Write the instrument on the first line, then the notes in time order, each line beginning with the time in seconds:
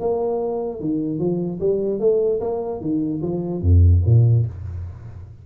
tuba
0.00 A#3
0.80 D#3
1.19 F3
1.60 G3
2.00 A3
2.40 A#3
2.81 D#3
3.22 F3
3.62 F2
4.06 A#2